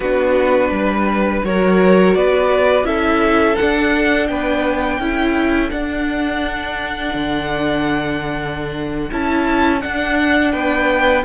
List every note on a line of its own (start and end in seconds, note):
0.00 0.70 B3
0.00 1.45 D4
0.00 0.71 F#4
0.00 1.42 B4
0.70 1.42 G3
0.70 1.45 B4
1.44 2.15 F#3
1.44 2.84 F#4
1.44 2.17 A#4
1.44 2.15 C#5
2.15 2.83 B3
2.15 2.86 B4
2.15 2.85 D5
2.83 3.55 C#4
2.83 3.55 E4
2.83 4.29 A4
2.83 3.56 E5
3.56 5.00 D4
3.56 4.29 D4
3.56 4.27 F#5
4.27 4.99 B3
4.27 4.99 B4
4.27 5.70 G5
4.99 5.70 C#4
4.99 5.70 E4
4.99 10.52 A4
5.70 9.10 D4
5.70 7.14 D4
5.70 9.10 F#5
7.14 9.10 D3
9.11 9.83 C#4
9.11 9.81 E4
9.11 9.81 A5
9.81 11.23 D4
9.81 10.54 D4
9.81 10.52 F#5
10.52 11.24 B3
10.52 11.23 B4
10.52 11.23 G5